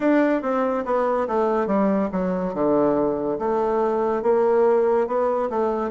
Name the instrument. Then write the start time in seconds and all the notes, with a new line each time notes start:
bassoon
0.00 D4
0.42 C4
0.85 B3
1.27 A3
1.66 G3
2.12 F#3
2.54 D3
3.38 A3
4.22 A#3
5.07 B3
5.50 A3